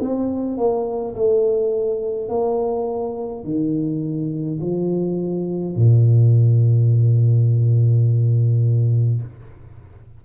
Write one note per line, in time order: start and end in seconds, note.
0.00 0.58 C4
0.58 1.15 A#3
1.15 2.29 A3
2.29 3.45 A#3
3.45 4.60 D#3
4.61 5.76 F3
5.76 9.22 A#2